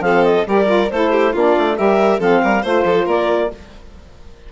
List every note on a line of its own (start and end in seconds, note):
0.00 0.43 F3
0.00 0.46 C4
0.00 0.47 A4
0.00 0.23 F5
0.24 0.45 D#5
0.46 0.90 G3
0.46 0.65 G4
0.46 0.92 A#4
0.46 0.90 D5
0.65 0.87 F4
0.90 1.34 A3
0.90 1.34 E4
0.90 1.12 A4
0.90 1.34 C5
1.12 1.32 G4
1.32 1.56 A#3
1.32 1.76 D4
1.32 1.76 F4
1.32 1.77 D5
1.58 1.79 A3
1.76 2.19 G3
1.76 2.18 G4
1.76 2.20 A#4
1.76 2.20 E5
2.18 2.41 F3
2.18 2.62 C4
2.18 2.42 A4
2.18 2.64 F5
2.42 2.64 G3
2.42 2.62 A#4
2.62 2.84 A3
2.62 3.50 F4
2.62 2.84 C5
2.62 3.07 C5
2.84 3.05 F3
2.84 3.06 A4
3.06 3.50 A#3
3.06 3.49 A#4
3.06 3.52 D5